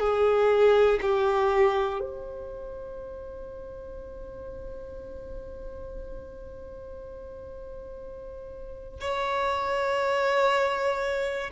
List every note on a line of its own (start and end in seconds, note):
0.00 1.00 G#4
1.02 2.00 G4
2.00 9.00 C5
9.01 11.51 C#5